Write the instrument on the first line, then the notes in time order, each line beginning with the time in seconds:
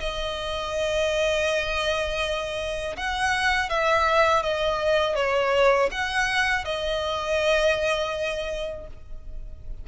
violin
0.00 D#5
2.97 F#5
3.69 E5
4.43 D#5
5.15 C#5
5.92 F#5
6.65 D#5